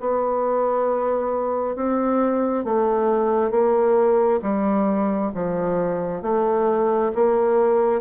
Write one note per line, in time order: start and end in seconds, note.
0.00 1.75 B3
1.75 2.64 C4
2.64 3.50 A3
3.50 4.40 A#3
4.42 5.32 G3
5.34 6.22 F3
6.22 7.12 A3
7.15 8.01 A#3